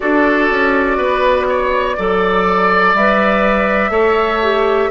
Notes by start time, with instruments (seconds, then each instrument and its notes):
0.00 bassoon D4, clarinet F#4, oboe A4, flute D5
0.50 bassoon C#4
0.97 bassoon B3, oboe B4
1.48 oboe C#5
1.97 bassoon F#3, clarinet A4, oboe D5
2.94 bassoon G3, clarinet B4, flute E5
3.89 bassoon A3, clarinet A4, oboe C#5
4.42 clarinet G4